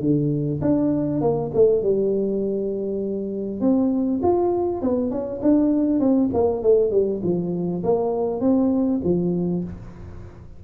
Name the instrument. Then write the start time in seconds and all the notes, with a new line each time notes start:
tuba
0.00 D3
0.61 D4
1.21 A#3
1.54 A3
1.82 G3
3.60 C4
4.22 F4
4.81 B3
5.10 C#4
5.42 D4
5.99 C4
6.33 A#3
6.62 A3
6.91 G3
7.23 F3
7.83 A#3
8.41 C4
9.04 F3